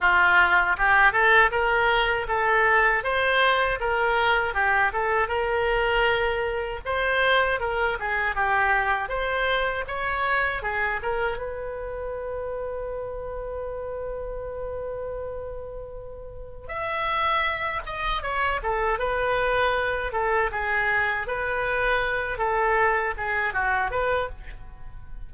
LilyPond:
\new Staff \with { instrumentName = "oboe" } { \time 4/4 \tempo 4 = 79 f'4 g'8 a'8 ais'4 a'4 | c''4 ais'4 g'8 a'8 ais'4~ | ais'4 c''4 ais'8 gis'8 g'4 | c''4 cis''4 gis'8 ais'8 b'4~ |
b'1~ | b'2 e''4. dis''8 | cis''8 a'8 b'4. a'8 gis'4 | b'4. a'4 gis'8 fis'8 b'8 | }